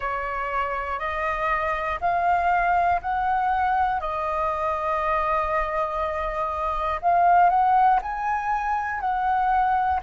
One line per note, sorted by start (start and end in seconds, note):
0.00 0.99 C#5
0.99 1.99 D#5
2.00 3.00 F5
3.01 4.00 F#5
4.00 7.00 D#5
7.01 7.50 F5
7.50 8.00 F#5
8.02 9.00 G#5
9.00 10.00 F#5